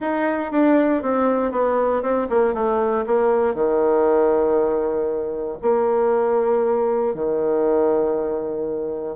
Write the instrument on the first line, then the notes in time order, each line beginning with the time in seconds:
bassoon
0.00 D#4
0.51 D4
1.02 C4
1.51 B3
2.02 C4
2.29 A#3
2.54 A3
3.06 A#3
3.54 D#3
5.62 A#3
7.14 D#3